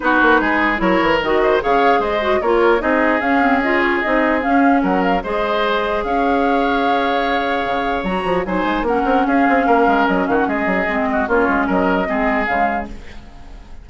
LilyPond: <<
  \new Staff \with { instrumentName = "flute" } { \time 4/4 \tempo 4 = 149 b'2 cis''4 dis''4 | f''4 dis''4 cis''4 dis''4 | f''4 dis''8 cis''8 dis''4 f''4 | fis''8 f''8 dis''2 f''4~ |
f''1 | ais''4 gis''4 fis''4 f''4~ | f''4 dis''8 f''16 fis''16 dis''2 | cis''4 dis''2 f''4 | }
  \new Staff \with { instrumentName = "oboe" } { \time 4/4 fis'4 gis'4 ais'4. c''8 | cis''4 c''4 ais'4 gis'4~ | gis'1 | ais'4 c''2 cis''4~ |
cis''1~ | cis''4 c''4 ais'4 gis'4 | ais'4. fis'8 gis'4. fis'8 | f'4 ais'4 gis'2 | }
  \new Staff \with { instrumentName = "clarinet" } { \time 4/4 dis'2 e'4 fis'4 | gis'4. fis'8 f'4 dis'4 | cis'8 c'8 f'4 dis'4 cis'4~ | cis'4 gis'2.~ |
gis'1 | fis'4 dis'4 cis'2~ | cis'2. c'4 | cis'2 c'4 gis4 | }
  \new Staff \with { instrumentName = "bassoon" } { \time 4/4 b8 ais8 gis4 fis8 e8 dis4 | cis4 gis4 ais4 c'4 | cis'2 c'4 cis'4 | fis4 gis2 cis'4~ |
cis'2. cis4 | fis8 f8 fis8 gis8 ais8 c'8 cis'8 c'8 | ais8 gis8 fis8 dis8 gis8 fis8 gis4 | ais8 gis8 fis4 gis4 cis4 | }
>>